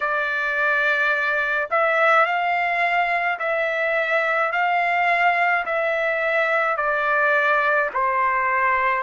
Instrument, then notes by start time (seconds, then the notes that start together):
trumpet
0.00 D5
1.70 E5
2.25 F5
3.39 E5
4.51 F5
5.65 E5
6.76 D5
7.93 C5